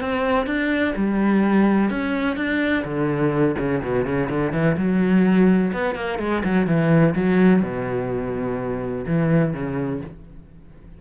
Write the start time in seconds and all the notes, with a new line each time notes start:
0.00 C4
0.46 D4
0.96 G3
1.90 C#4
2.36 D4
2.84 D3
3.58 C#3
3.82 B2
4.05 C#3
4.30 D3
4.52 E3
4.77 F#3
5.73 B3
5.95 A#3
6.19 G#3
6.44 F#3
6.67 E3
7.15 F#3
7.62 B2
9.06 E3
9.53 C#3